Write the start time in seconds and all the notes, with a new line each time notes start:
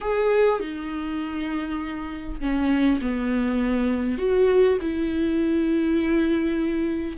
0.00 G#4
0.60 D#4
2.40 C#4
3.01 B3
4.18 F#4
4.81 E4